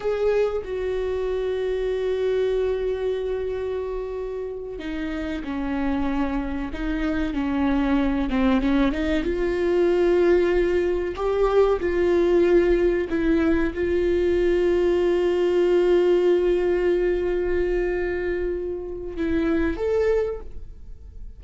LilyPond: \new Staff \with { instrumentName = "viola" } { \time 4/4 \tempo 4 = 94 gis'4 fis'2.~ | fis'2.~ fis'8 dis'8~ | dis'8 cis'2 dis'4 cis'8~ | cis'4 c'8 cis'8 dis'8 f'4.~ |
f'4. g'4 f'4.~ | f'8 e'4 f'2~ f'8~ | f'1~ | f'2 e'4 a'4 | }